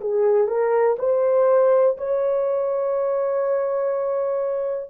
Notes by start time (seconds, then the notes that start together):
0.00 G#4
0.47 A#4
0.98 C5
1.97 C#5